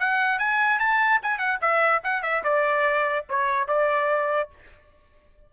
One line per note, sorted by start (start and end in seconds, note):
0.00 0.39 F#5
0.39 0.80 G#5
0.80 1.21 A5
1.23 1.39 G#5
1.39 1.59 F#5
1.62 2.03 E5
2.04 2.23 F#5
2.23 2.44 E5
2.44 3.26 D5
3.30 3.68 C#5
3.68 4.50 D5